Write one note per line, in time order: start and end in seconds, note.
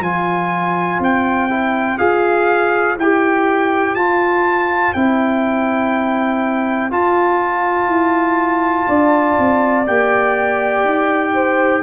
0.00 0.98 F3
0.00 1.49 F4
0.00 8.87 C5
0.00 1.00 G#5
0.99 1.97 C4
0.99 1.98 G5
1.49 1.98 E4
1.98 2.97 F4
1.98 2.96 G#4
1.98 2.96 F5
2.97 3.94 E4
2.97 3.97 G4
2.97 3.94 G5
3.94 4.93 F4
3.94 4.95 F4
3.94 4.93 A5
4.93 6.91 C4
4.93 6.90 E4
4.93 6.90 G5
6.90 9.85 F4
6.90 7.87 F4
6.90 9.87 A5
7.87 8.85 E4
8.87 9.37 D4
8.87 11.33 D5
9.38 9.87 C4
9.86 10.84 A#3
9.86 11.83 G4
9.86 11.83 G5
10.84 11.82 D#4
11.34 11.83 C5